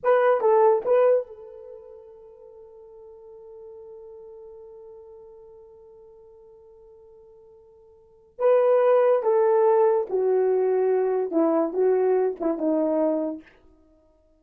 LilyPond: \new Staff \with { instrumentName = "horn" } { \time 4/4 \tempo 4 = 143 b'4 a'4 b'4 a'4~ | a'1~ | a'1~ | a'1~ |
a'1 | b'2 a'2 | fis'2. e'4 | fis'4. e'8 dis'2 | }